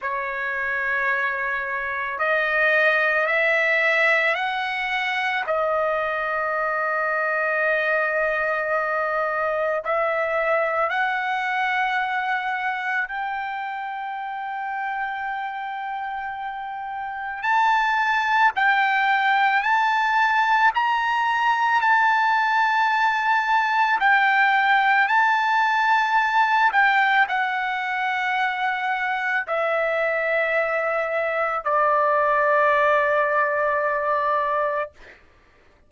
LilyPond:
\new Staff \with { instrumentName = "trumpet" } { \time 4/4 \tempo 4 = 55 cis''2 dis''4 e''4 | fis''4 dis''2.~ | dis''4 e''4 fis''2 | g''1 |
a''4 g''4 a''4 ais''4 | a''2 g''4 a''4~ | a''8 g''8 fis''2 e''4~ | e''4 d''2. | }